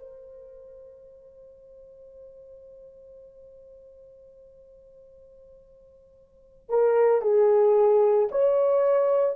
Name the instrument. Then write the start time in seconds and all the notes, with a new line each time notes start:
horn
0.00 C5
6.70 A#4
7.22 G#4
8.31 C#5